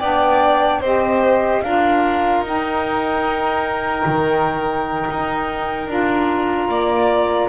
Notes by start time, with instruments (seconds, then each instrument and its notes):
0.00 double bass B3, saxophone D4, violin D5, flute G5
0.81 double bass C4, saxophone G4, violin C5, flute D#5
1.62 double bass D4, saxophone F4, violin A#4, flute F5
2.42 double bass D#4, saxophone D#4, flute G5
4.06 double bass D#3
5.11 double bass D#4
5.88 double bass D4, saxophone F4, flute A#5
6.69 double bass A#3, violin D5